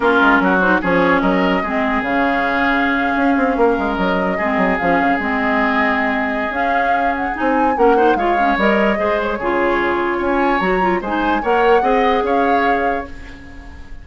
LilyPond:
<<
  \new Staff \with { instrumentName = "flute" } { \time 4/4 \tempo 4 = 147 ais'4. c''8 cis''4 dis''4~ | dis''4 f''2.~ | f''4.~ f''16 dis''2 f''16~ | f''8. dis''2.~ dis''16 |
f''4. fis''8 gis''4 fis''4 | f''4 dis''4. cis''4.~ | cis''4 gis''4 ais''4 gis''4 | fis''2 f''2 | }
  \new Staff \with { instrumentName = "oboe" } { \time 4/4 f'4 fis'4 gis'4 ais'4 | gis'1~ | gis'8. ais'2 gis'4~ gis'16~ | gis'1~ |
gis'2. ais'8 c''8 | cis''2 c''4 gis'4~ | gis'4 cis''2 c''4 | cis''4 dis''4 cis''2 | }
  \new Staff \with { instrumentName = "clarinet" } { \time 4/4 cis'4. dis'8 cis'2 | c'4 cis'2.~ | cis'2~ cis'8. c'4 cis'16~ | cis'8. c'2.~ c'16 |
cis'2 dis'4 cis'8 dis'8 | f'8 cis'8 ais'4 gis'4 f'4~ | f'2 fis'8 f'8 dis'4 | ais'4 gis'2. | }
  \new Staff \with { instrumentName = "bassoon" } { \time 4/4 ais8 gis8 fis4 f4 fis4 | gis4 cis2~ cis8. cis'16~ | cis'16 c'8 ais8 gis8 fis4 gis8 fis8 f16~ | f16 cis8 gis2.~ gis16 |
cis'2 c'4 ais4 | gis4 g4 gis4 cis4~ | cis4 cis'4 fis4 gis4 | ais4 c'4 cis'2 | }
>>